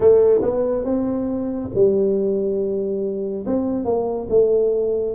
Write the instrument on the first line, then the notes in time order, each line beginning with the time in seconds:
tuba
0.00 A3
0.41 B3
0.85 C4
1.74 G3
3.46 C4
3.84 A#3
4.29 A3